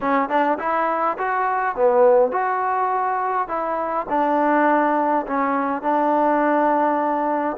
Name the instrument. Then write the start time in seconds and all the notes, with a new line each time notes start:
trombone
0.00 C#4
0.29 D4
0.59 E4
1.18 F#4
1.75 B3
2.31 F#4
3.48 E4
4.09 D4
5.27 C#4
5.81 D4